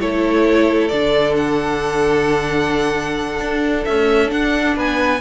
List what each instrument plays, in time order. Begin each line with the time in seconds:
0.00 cello A3, viola E4, violin A4 C#5
0.88 cello D3, viola D4, violin D5
1.36 violin F#5
3.40 cello D4
3.85 viola A3, cello C#4, violin E5
4.27 viola D4, cello D4, violin F#5
4.76 cello B3, violin B4 G#5